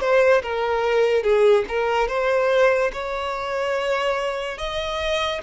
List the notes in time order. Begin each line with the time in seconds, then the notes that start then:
0.00 C5
0.42 A#4
1.23 G#4
1.68 A#4
2.08 C5
2.93 C#5
4.58 D#5